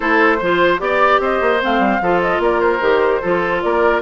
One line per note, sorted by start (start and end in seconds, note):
0.00 0.41 A3
0.00 0.38 E4
0.00 0.37 A4
0.00 0.79 C5
0.40 0.79 F3
0.40 0.78 F4
0.40 0.80 C5
0.78 1.19 B3
0.78 1.59 G4
0.78 1.20 D5
0.78 1.21 D5
1.19 1.39 C4
1.19 2.02 C5
1.19 1.62 D#5
1.41 1.61 A#3
1.60 1.78 A3
1.60 2.00 C4
1.60 2.21 F5
1.78 1.99 G3
2.01 2.39 F3
2.01 2.80 F4
2.01 2.42 A4
2.21 2.41 D#5
2.39 2.79 A#3
2.39 3.21 A#4
2.39 2.60 D5
2.60 3.61 C5
2.80 3.21 D#3
2.80 3.20 G4
3.21 3.64 F3
3.21 4.02 F4
3.21 3.62 A4
3.61 4.02 A#3
3.61 4.02 A#4
3.61 4.01 D5